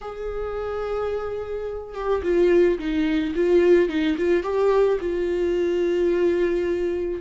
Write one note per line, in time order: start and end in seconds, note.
0.01 1.94 G#4
1.94 2.22 G4
2.22 2.78 F4
2.78 3.34 D#4
3.35 3.88 F4
3.88 4.16 D#4
4.17 4.43 F4
4.43 4.98 G4
4.99 7.21 F4